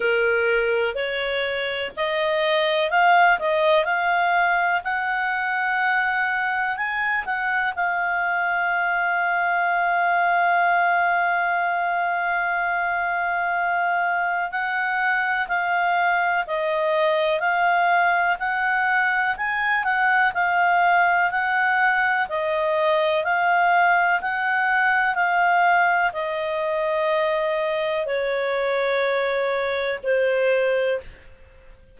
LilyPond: \new Staff \with { instrumentName = "clarinet" } { \time 4/4 \tempo 4 = 62 ais'4 cis''4 dis''4 f''8 dis''8 | f''4 fis''2 gis''8 fis''8 | f''1~ | f''2. fis''4 |
f''4 dis''4 f''4 fis''4 | gis''8 fis''8 f''4 fis''4 dis''4 | f''4 fis''4 f''4 dis''4~ | dis''4 cis''2 c''4 | }